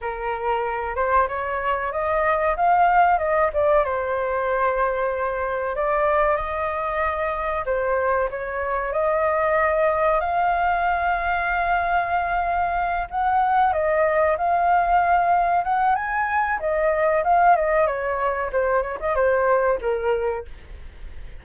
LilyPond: \new Staff \with { instrumentName = "flute" } { \time 4/4 \tempo 4 = 94 ais'4. c''8 cis''4 dis''4 | f''4 dis''8 d''8 c''2~ | c''4 d''4 dis''2 | c''4 cis''4 dis''2 |
f''1~ | f''8 fis''4 dis''4 f''4.~ | f''8 fis''8 gis''4 dis''4 f''8 dis''8 | cis''4 c''8 cis''16 dis''16 c''4 ais'4 | }